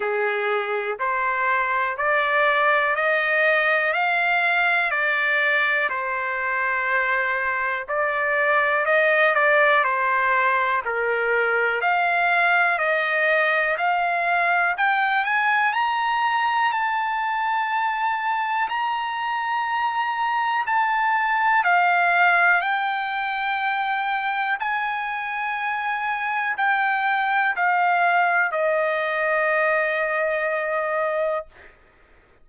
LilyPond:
\new Staff \with { instrumentName = "trumpet" } { \time 4/4 \tempo 4 = 61 gis'4 c''4 d''4 dis''4 | f''4 d''4 c''2 | d''4 dis''8 d''8 c''4 ais'4 | f''4 dis''4 f''4 g''8 gis''8 |
ais''4 a''2 ais''4~ | ais''4 a''4 f''4 g''4~ | g''4 gis''2 g''4 | f''4 dis''2. | }